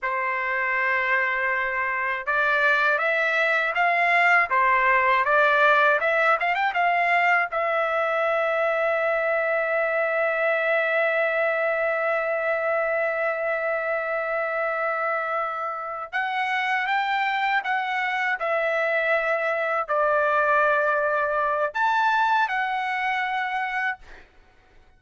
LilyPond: \new Staff \with { instrumentName = "trumpet" } { \time 4/4 \tempo 4 = 80 c''2. d''4 | e''4 f''4 c''4 d''4 | e''8 f''16 g''16 f''4 e''2~ | e''1~ |
e''1~ | e''4. fis''4 g''4 fis''8~ | fis''8 e''2 d''4.~ | d''4 a''4 fis''2 | }